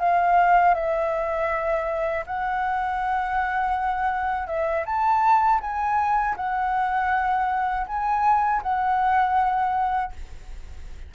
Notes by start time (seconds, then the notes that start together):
0.00 F5
0.75 E5
2.27 F#5
4.48 E5
4.86 A5
5.61 G#5
6.37 F#5
7.88 G#5
8.63 F#5